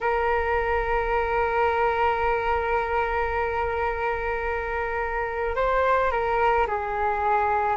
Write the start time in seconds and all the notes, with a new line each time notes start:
0.00 A#4
5.55 C5
6.11 A#4
6.67 G#4